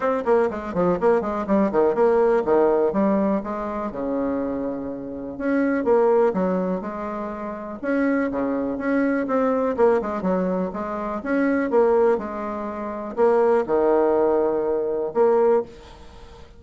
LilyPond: \new Staff \with { instrumentName = "bassoon" } { \time 4/4 \tempo 4 = 123 c'8 ais8 gis8 f8 ais8 gis8 g8 dis8 | ais4 dis4 g4 gis4 | cis2. cis'4 | ais4 fis4 gis2 |
cis'4 cis4 cis'4 c'4 | ais8 gis8 fis4 gis4 cis'4 | ais4 gis2 ais4 | dis2. ais4 | }